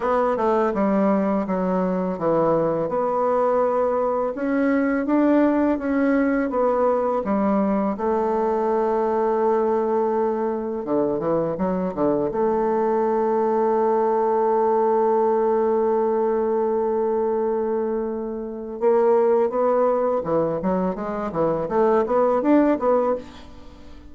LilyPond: \new Staff \with { instrumentName = "bassoon" } { \time 4/4 \tempo 4 = 83 b8 a8 g4 fis4 e4 | b2 cis'4 d'4 | cis'4 b4 g4 a4~ | a2. d8 e8 |
fis8 d8 a2.~ | a1~ | a2 ais4 b4 | e8 fis8 gis8 e8 a8 b8 d'8 b8 | }